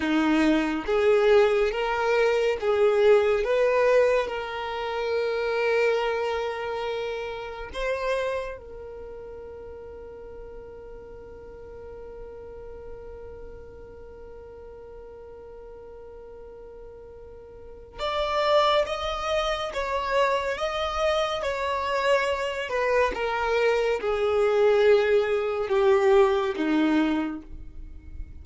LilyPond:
\new Staff \with { instrumentName = "violin" } { \time 4/4 \tempo 4 = 70 dis'4 gis'4 ais'4 gis'4 | b'4 ais'2.~ | ais'4 c''4 ais'2~ | ais'1~ |
ais'1~ | ais'4 d''4 dis''4 cis''4 | dis''4 cis''4. b'8 ais'4 | gis'2 g'4 dis'4 | }